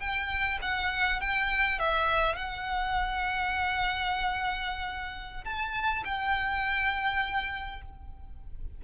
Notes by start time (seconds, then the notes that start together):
0.00 G5
0.62 F#5
1.21 G5
1.79 E5
2.35 F#5
5.45 A5
6.05 G5